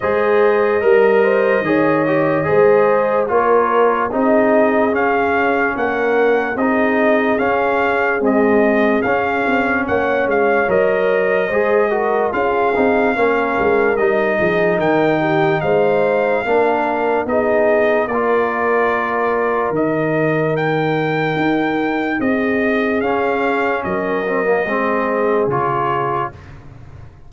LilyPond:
<<
  \new Staff \with { instrumentName = "trumpet" } { \time 4/4 \tempo 4 = 73 dis''1 | cis''4 dis''4 f''4 fis''4 | dis''4 f''4 dis''4 f''4 | fis''8 f''8 dis''2 f''4~ |
f''4 dis''4 g''4 f''4~ | f''4 dis''4 d''2 | dis''4 g''2 dis''4 | f''4 dis''2 cis''4 | }
  \new Staff \with { instrumentName = "horn" } { \time 4/4 c''4 ais'8 c''8 cis''4 c''4 | ais'4 gis'2 ais'4 | gis'1 | cis''2 c''8 ais'8 gis'4 |
ais'4. gis'8 ais'8 g'8 c''4 | ais'4 gis'4 ais'2~ | ais'2. gis'4~ | gis'4 ais'4 gis'2 | }
  \new Staff \with { instrumentName = "trombone" } { \time 4/4 gis'4 ais'4 gis'8 g'8 gis'4 | f'4 dis'4 cis'2 | dis'4 cis'4 gis4 cis'4~ | cis'4 ais'4 gis'8 fis'8 f'8 dis'8 |
cis'4 dis'2. | d'4 dis'4 f'2 | dis'1 | cis'4. c'16 ais16 c'4 f'4 | }
  \new Staff \with { instrumentName = "tuba" } { \time 4/4 gis4 g4 dis4 gis4 | ais4 c'4 cis'4 ais4 | c'4 cis'4 c'4 cis'8 c'8 | ais8 gis8 fis4 gis4 cis'8 c'8 |
ais8 gis8 g8 f8 dis4 gis4 | ais4 b4 ais2 | dis2 dis'4 c'4 | cis'4 fis4 gis4 cis4 | }
>>